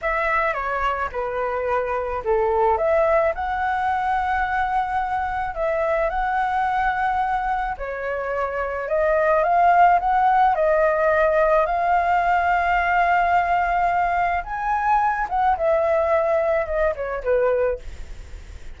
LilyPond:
\new Staff \with { instrumentName = "flute" } { \time 4/4 \tempo 4 = 108 e''4 cis''4 b'2 | a'4 e''4 fis''2~ | fis''2 e''4 fis''4~ | fis''2 cis''2 |
dis''4 f''4 fis''4 dis''4~ | dis''4 f''2.~ | f''2 gis''4. fis''8 | e''2 dis''8 cis''8 b'4 | }